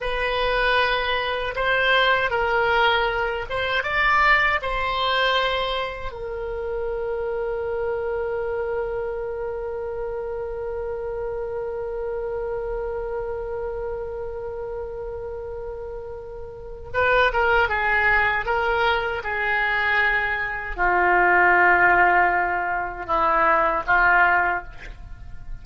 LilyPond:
\new Staff \with { instrumentName = "oboe" } { \time 4/4 \tempo 4 = 78 b'2 c''4 ais'4~ | ais'8 c''8 d''4 c''2 | ais'1~ | ais'1~ |
ais'1~ | ais'2 b'8 ais'8 gis'4 | ais'4 gis'2 f'4~ | f'2 e'4 f'4 | }